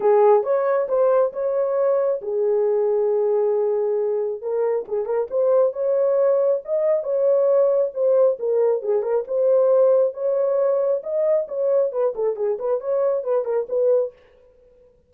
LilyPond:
\new Staff \with { instrumentName = "horn" } { \time 4/4 \tempo 4 = 136 gis'4 cis''4 c''4 cis''4~ | cis''4 gis'2.~ | gis'2 ais'4 gis'8 ais'8 | c''4 cis''2 dis''4 |
cis''2 c''4 ais'4 | gis'8 ais'8 c''2 cis''4~ | cis''4 dis''4 cis''4 b'8 a'8 | gis'8 b'8 cis''4 b'8 ais'8 b'4 | }